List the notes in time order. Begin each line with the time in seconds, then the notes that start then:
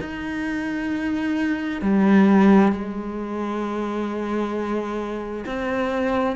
0.00 D#4
1.82 G3
2.72 G#3
5.46 C4